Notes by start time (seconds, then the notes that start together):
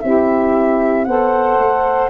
0.00 C4 E4 G4 E5
1.05 B3 A4 C5 F#5
1.58 A3